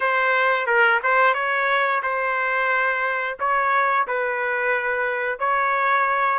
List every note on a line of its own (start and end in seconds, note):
0.00 0.66 C5
0.66 1.00 A#4
1.03 1.34 C5
1.34 2.01 C#5
2.03 3.37 C5
3.39 4.06 C#5
4.07 5.39 B4
5.39 6.39 C#5